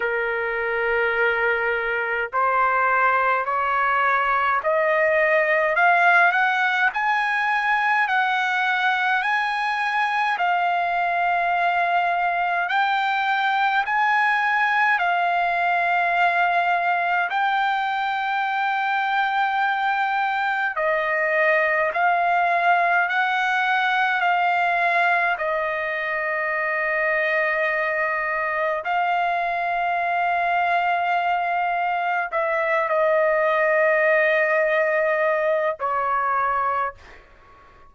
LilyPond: \new Staff \with { instrumentName = "trumpet" } { \time 4/4 \tempo 4 = 52 ais'2 c''4 cis''4 | dis''4 f''8 fis''8 gis''4 fis''4 | gis''4 f''2 g''4 | gis''4 f''2 g''4~ |
g''2 dis''4 f''4 | fis''4 f''4 dis''2~ | dis''4 f''2. | e''8 dis''2~ dis''8 cis''4 | }